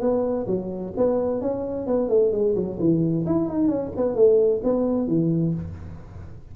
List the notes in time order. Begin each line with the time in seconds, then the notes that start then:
0.00 B3
0.47 F#3
0.97 B3
1.41 C#4
1.87 B3
2.09 A3
2.32 G#3
2.55 F#3
2.79 E3
3.26 E4
3.48 D#4
3.68 C#4
3.96 B3
4.15 A3
4.63 B3
5.07 E3